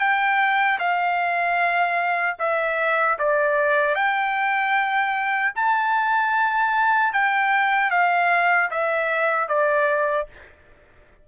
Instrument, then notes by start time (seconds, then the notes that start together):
trumpet
0.00 G5
0.79 F5
2.39 E5
3.19 D5
3.95 G5
5.56 A5
7.13 G5
7.91 F5
8.71 E5
9.48 D5